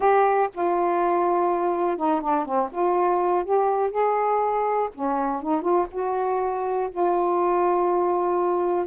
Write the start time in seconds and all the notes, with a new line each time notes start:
0.00 G4
0.53 F4
1.96 D#4
2.20 D4
2.45 C4
2.71 F4
3.44 G4
3.90 G#4
4.94 C#4
5.42 D#4
5.61 F4
5.91 F#4
6.91 F4